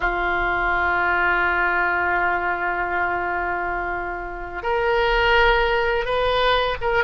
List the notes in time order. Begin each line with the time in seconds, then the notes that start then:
0.00 F4
4.62 A#4
6.05 B4
6.81 A#4